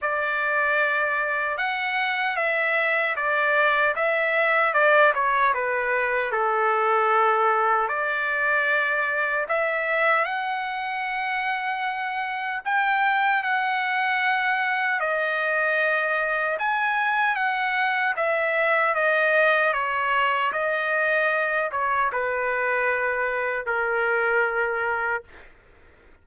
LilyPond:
\new Staff \with { instrumentName = "trumpet" } { \time 4/4 \tempo 4 = 76 d''2 fis''4 e''4 | d''4 e''4 d''8 cis''8 b'4 | a'2 d''2 | e''4 fis''2. |
g''4 fis''2 dis''4~ | dis''4 gis''4 fis''4 e''4 | dis''4 cis''4 dis''4. cis''8 | b'2 ais'2 | }